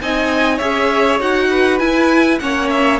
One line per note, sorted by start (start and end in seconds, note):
0.00 0.60 C4
0.00 0.60 D#4
0.00 0.56 D#5
0.00 0.58 G#5
0.56 1.20 C#4
0.56 1.19 G#4
0.56 1.46 C#5
0.56 1.18 E5
1.19 1.80 D#4
1.19 1.79 F#4
1.19 1.79 F#5
1.50 2.40 B4
1.79 2.39 E4
1.79 2.40 E4
1.79 2.39 G#5
2.39 3.00 A#3
2.39 3.00 C#4
2.39 3.00 C#5
2.39 2.69 F#5
2.69 2.99 E5